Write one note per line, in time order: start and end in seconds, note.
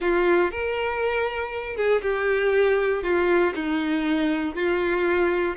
0.00 0.51 F4
0.51 1.76 A#4
1.76 2.01 G#4
2.02 3.03 G4
3.03 3.53 F4
3.54 4.55 D#4
4.55 5.56 F4